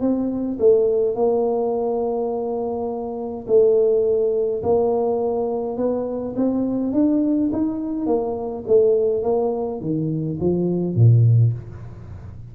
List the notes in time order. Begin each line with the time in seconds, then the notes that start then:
0.00 C4
0.59 A3
1.15 A#3
3.47 A3
4.63 A#3
5.77 B3
6.35 C4
6.92 D4
7.52 D#4
8.06 A#3
8.67 A3
9.23 A#3
9.81 D#3
10.40 F3
10.95 A#2